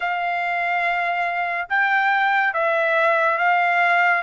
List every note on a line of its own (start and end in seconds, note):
0.00 1.67 F5
1.69 2.53 G5
2.53 3.38 E5
3.38 4.22 F5